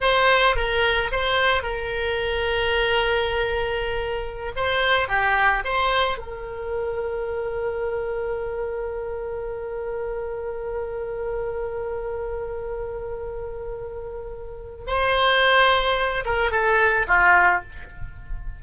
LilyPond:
\new Staff \with { instrumentName = "oboe" } { \time 4/4 \tempo 4 = 109 c''4 ais'4 c''4 ais'4~ | ais'1~ | ais'16 c''4 g'4 c''4 ais'8.~ | ais'1~ |
ais'1~ | ais'1~ | ais'2. c''4~ | c''4. ais'8 a'4 f'4 | }